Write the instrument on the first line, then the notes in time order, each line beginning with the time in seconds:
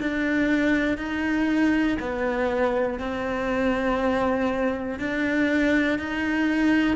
cello
0.00 D4
0.98 D#4
2.00 B3
2.99 C4
5.00 D4
5.99 D#4